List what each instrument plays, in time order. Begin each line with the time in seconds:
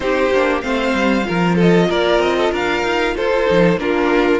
0.00 cello C4, viola D#4, violin G4 C5
0.31 cello A#3, viola D4
0.61 cello A3, viola C4, violin C5 F5
0.93 cello G3
1.24 cello F3, viola F4, violin A#4
1.55 violin A4 D#5
1.89 cello A#3, violin A#4 D5
2.19 cello C4, violin D#5
2.37 violin A4
2.51 cello D4, violin A#4 F5
2.82 cello D#4
3.16 cello F4, violin A4 C5
3.46 cello F3, viola D#4
3.76 cello A#3, viola D4, violin F4 A#4